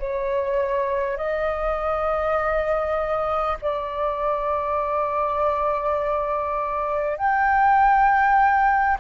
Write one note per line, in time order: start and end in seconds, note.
0.00 1.18 C#5
1.18 3.58 D#5
3.62 7.18 D5
7.18 8.98 G5